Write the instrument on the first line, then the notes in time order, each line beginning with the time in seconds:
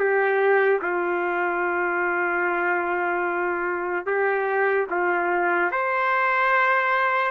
trumpet
0.00 G4
0.82 F4
4.07 G4
4.91 F4
5.72 C5